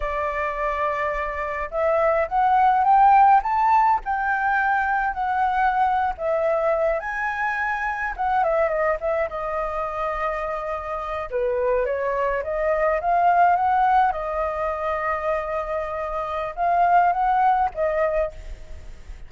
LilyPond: \new Staff \with { instrumentName = "flute" } { \time 4/4 \tempo 4 = 105 d''2. e''4 | fis''4 g''4 a''4 g''4~ | g''4 fis''4.~ fis''16 e''4~ e''16~ | e''16 gis''2 fis''8 e''8 dis''8 e''16~ |
e''16 dis''2.~ dis''8 b'16~ | b'8. cis''4 dis''4 f''4 fis''16~ | fis''8. dis''2.~ dis''16~ | dis''4 f''4 fis''4 dis''4 | }